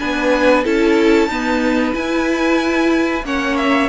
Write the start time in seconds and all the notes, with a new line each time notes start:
0.00 B3 D4 B4 G#5
0.64 C#4 E4 A4 A5
1.29 B3 D#4 B4
1.94 E4 G#5
3.24 A#3 C#4 C#5 F#5
3.57 E5